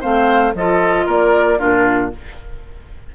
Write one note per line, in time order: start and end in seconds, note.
0.00 0.54 A3
0.00 0.53 C4
0.00 0.53 C5
0.00 0.54 F5
0.54 1.06 F3
0.54 1.58 F4
0.54 1.06 A4
0.54 1.08 D#5
1.06 1.59 A#3
1.06 1.58 A#4
1.06 1.59 D5
1.58 2.15 A#2
1.58 2.11 D4
1.58 2.11 F4
1.58 2.12 A#4